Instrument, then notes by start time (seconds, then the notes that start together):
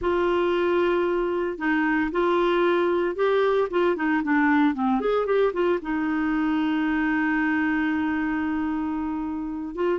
clarinet
0.01 F4
1.58 D#4
2.11 F4
3.15 G4
3.70 F4
3.96 D#4
4.23 D4
4.74 C4
5.00 G#4
5.26 G4
5.53 F4
5.82 D#4
9.75 F4